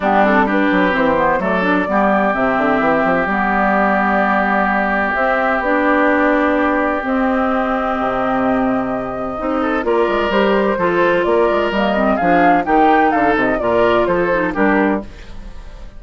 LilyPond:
<<
  \new Staff \with { instrumentName = "flute" } { \time 4/4 \tempo 4 = 128 g'8 a'8 b'4 c''4 d''4~ | d''4 e''2 d''4~ | d''2. e''4 | d''2. dis''4~ |
dis''1~ | dis''4 d''4 c''2 | d''4 dis''4 f''4 g''4 | f''8 dis''8 d''4 c''4 ais'4 | }
  \new Staff \with { instrumentName = "oboe" } { \time 4/4 d'4 g'2 a'4 | g'1~ | g'1~ | g'1~ |
g'1~ | g'8 a'8 ais'2 a'4 | ais'2 gis'4 g'4 | a'4 ais'4 a'4 g'4 | }
  \new Staff \with { instrumentName = "clarinet" } { \time 4/4 b8 c'8 d'4 c'8 b8 a8 d'8 | b4 c'2 b4~ | b2. c'4 | d'2. c'4~ |
c'1 | dis'4 f'4 g'4 f'4~ | f'4 ais8 c'8 d'4 dis'4~ | dis'4 f'4. dis'8 d'4 | }
  \new Staff \with { instrumentName = "bassoon" } { \time 4/4 g4. fis8 e4 fis4 | g4 c8 d8 e8 f8 g4~ | g2. c'4 | b2. c'4~ |
c'4 c2. | c'4 ais8 gis8 g4 f4 | ais8 gis8 g4 f4 dis4 | d8 c8 ais,4 f4 g4 | }
>>